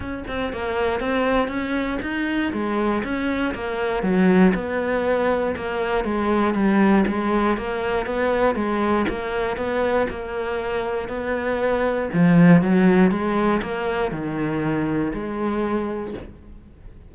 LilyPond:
\new Staff \with { instrumentName = "cello" } { \time 4/4 \tempo 4 = 119 cis'8 c'8 ais4 c'4 cis'4 | dis'4 gis4 cis'4 ais4 | fis4 b2 ais4 | gis4 g4 gis4 ais4 |
b4 gis4 ais4 b4 | ais2 b2 | f4 fis4 gis4 ais4 | dis2 gis2 | }